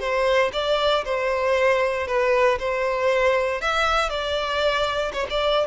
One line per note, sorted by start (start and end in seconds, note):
0.00 0.51 C5
0.53 1.04 D5
1.05 2.07 C5
2.07 2.59 B4
2.59 3.61 C5
3.61 4.09 E5
4.09 5.12 D5
5.13 5.26 C#5
5.30 5.67 D5